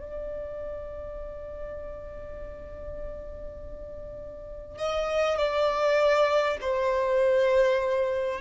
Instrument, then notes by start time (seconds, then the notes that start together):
violin
0.00 D5
4.78 D#5
5.38 D5
6.61 C5